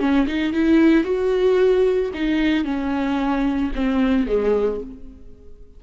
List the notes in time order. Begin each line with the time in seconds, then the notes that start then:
0.00 C#4
0.27 D#4
0.53 E4
1.04 F#4
2.15 D#4
2.65 C#4
3.76 C4
4.27 G#3